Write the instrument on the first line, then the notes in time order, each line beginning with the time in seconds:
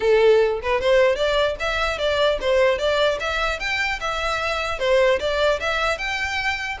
violin
0.00 A4
0.62 B4
0.80 C5
1.15 D5
1.59 E5
1.98 D5
2.41 C5
2.78 D5
3.20 E5
3.59 G5
4.00 E5
4.79 C5
5.19 D5
5.60 E5
5.98 G5